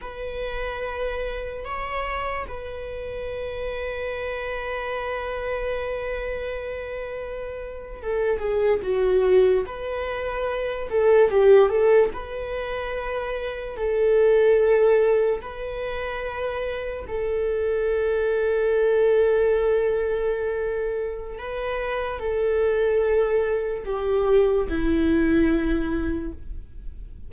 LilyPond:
\new Staff \with { instrumentName = "viola" } { \time 4/4 \tempo 4 = 73 b'2 cis''4 b'4~ | b'1~ | b'4.~ b'16 a'8 gis'8 fis'4 b'16~ | b'4~ b'16 a'8 g'8 a'8 b'4~ b'16~ |
b'8. a'2 b'4~ b'16~ | b'8. a'2.~ a'16~ | a'2 b'4 a'4~ | a'4 g'4 e'2 | }